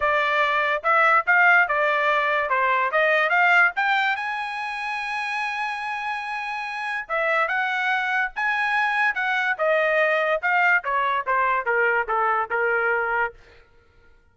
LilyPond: \new Staff \with { instrumentName = "trumpet" } { \time 4/4 \tempo 4 = 144 d''2 e''4 f''4 | d''2 c''4 dis''4 | f''4 g''4 gis''2~ | gis''1~ |
gis''4 e''4 fis''2 | gis''2 fis''4 dis''4~ | dis''4 f''4 cis''4 c''4 | ais'4 a'4 ais'2 | }